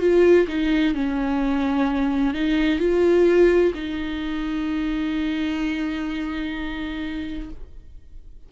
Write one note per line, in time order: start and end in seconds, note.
0.00 0.47 F4
0.47 0.94 D#4
0.95 2.34 C#4
2.34 2.79 D#4
2.79 3.73 F4
3.75 7.50 D#4